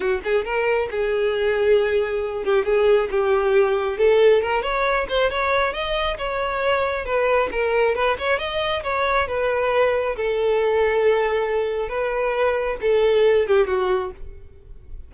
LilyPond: \new Staff \with { instrumentName = "violin" } { \time 4/4 \tempo 4 = 136 fis'8 gis'8 ais'4 gis'2~ | gis'4. g'8 gis'4 g'4~ | g'4 a'4 ais'8 cis''4 c''8 | cis''4 dis''4 cis''2 |
b'4 ais'4 b'8 cis''8 dis''4 | cis''4 b'2 a'4~ | a'2. b'4~ | b'4 a'4. g'8 fis'4 | }